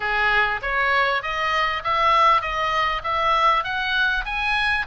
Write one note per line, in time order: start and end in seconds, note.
0.00 0.60 G#4
0.62 1.22 C#5
1.22 1.83 D#5
1.83 2.41 E5
2.41 3.02 D#5
3.03 3.64 E5
3.64 4.24 F#5
4.25 4.86 G#5